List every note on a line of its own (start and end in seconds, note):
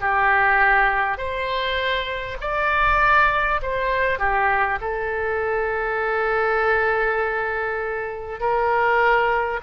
0.00 1.17 G4
1.17 2.37 C5
2.40 3.60 D5
3.62 4.18 C5
4.18 4.78 G4
4.80 8.39 A4
8.39 9.59 A#4